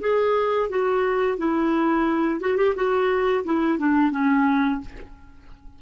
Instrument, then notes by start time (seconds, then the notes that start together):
clarinet
0.00 G#4
0.69 F#4
1.38 E4
2.40 F#4
2.57 G4
2.75 F#4
3.44 E4
3.79 D4
4.11 C#4